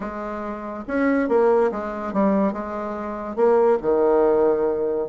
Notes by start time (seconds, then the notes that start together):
0.00 G#3
0.87 C#4
1.28 A#3
1.71 G#3
2.13 G3
2.52 G#3
3.36 A#3
3.81 D#3